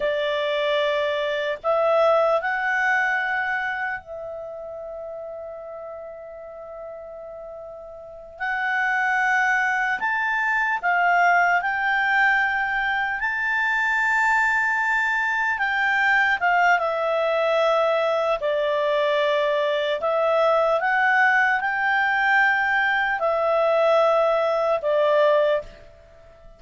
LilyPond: \new Staff \with { instrumentName = "clarinet" } { \time 4/4 \tempo 4 = 75 d''2 e''4 fis''4~ | fis''4 e''2.~ | e''2~ e''8 fis''4.~ | fis''8 a''4 f''4 g''4.~ |
g''8 a''2. g''8~ | g''8 f''8 e''2 d''4~ | d''4 e''4 fis''4 g''4~ | g''4 e''2 d''4 | }